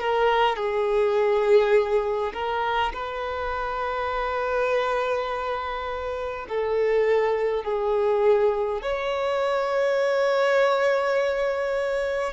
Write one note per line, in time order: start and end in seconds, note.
0.00 0.56 A#4
0.56 2.33 G#4
2.34 2.93 A#4
2.94 6.47 B4
6.49 7.64 A4
7.64 8.82 G#4
8.82 12.33 C#5